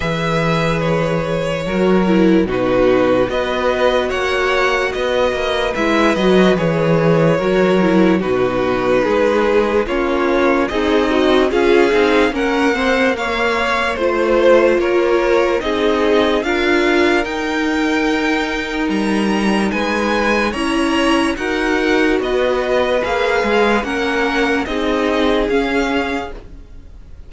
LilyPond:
<<
  \new Staff \with { instrumentName = "violin" } { \time 4/4 \tempo 4 = 73 e''4 cis''2 b'4 | dis''4 fis''4 dis''4 e''8 dis''8 | cis''2 b'2 | cis''4 dis''4 f''4 fis''4 |
f''4 c''4 cis''4 dis''4 | f''4 g''2 ais''4 | gis''4 ais''4 fis''4 dis''4 | f''4 fis''4 dis''4 f''4 | }
  \new Staff \with { instrumentName = "violin" } { \time 4/4 b'2 ais'4 fis'4 | b'4 cis''4 b'2~ | b'4 ais'4 fis'4 gis'4 | f'4 dis'4 gis'4 ais'8 c''8 |
cis''4 c''4 ais'4 gis'4 | ais'1 | b'4 cis''4 ais'4 b'4~ | b'4 ais'4 gis'2 | }
  \new Staff \with { instrumentName = "viola" } { \time 4/4 gis'2 fis'8 e'8 dis'4 | fis'2. e'8 fis'8 | gis'4 fis'8 e'8 dis'2 | cis'4 gis'8 fis'8 f'8 dis'8 cis'8 c'8 |
ais4 f'2 dis'4 | f'4 dis'2.~ | dis'4 e'4 fis'2 | gis'4 cis'4 dis'4 cis'4 | }
  \new Staff \with { instrumentName = "cello" } { \time 4/4 e2 fis4 b,4 | b4 ais4 b8 ais8 gis8 fis8 | e4 fis4 b,4 gis4 | ais4 c'4 cis'8 c'8 ais4~ |
ais4 a4 ais4 c'4 | d'4 dis'2 g4 | gis4 cis'4 dis'4 b4 | ais8 gis8 ais4 c'4 cis'4 | }
>>